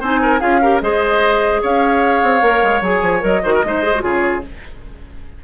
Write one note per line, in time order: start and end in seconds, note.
0.00 0.41 C4
0.00 0.40 D#4
0.00 0.20 C5
0.00 0.40 G#5
0.22 0.40 A#4
0.40 0.81 C#4
0.40 0.60 F4
0.40 0.60 G#4
0.40 0.80 F5
0.62 0.81 G4
0.62 0.82 A#4
0.81 1.62 G#3
0.81 2.41 G#4
0.81 1.61 C5
0.81 1.61 D#5
1.61 2.22 C#4
1.61 3.43 C#5
1.61 2.83 F5
2.22 2.42 C4
2.41 2.62 A#3
2.41 2.82 A#4
2.63 2.81 G#3
2.81 3.01 F#3
2.81 3.20 G#4
2.81 3.23 G#5
3.02 3.22 F3
3.20 3.43 F#3
3.20 3.40 A#4
3.20 4.02 D#5
3.43 3.63 D#3
3.43 3.63 F#4
3.43 3.53 C5
3.54 3.64 A#4
3.63 4.03 G#3
3.63 3.83 D#4
3.63 4.03 C5
3.83 3.93 G#4
3.95 4.01 F#4
4.01 4.44 C#3
4.01 4.41 F4
4.01 4.43 G#4
4.01 4.42 C#5